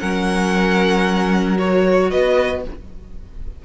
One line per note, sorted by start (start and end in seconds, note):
0.00 2.13 F#3
0.00 1.58 C#4
0.00 2.10 A#4
0.00 1.58 F#5
1.59 2.64 F#4
1.59 2.11 C#5
2.10 2.66 B3
2.10 2.63 B4
2.10 2.64 D#5